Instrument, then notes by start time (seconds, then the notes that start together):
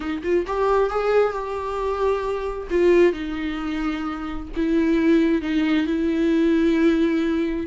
viola
0.00 D#4
0.23 F4
0.46 G4
0.90 G#4
1.32 G4
2.70 F4
3.13 D#4
4.56 E4
5.41 D#4
5.86 E4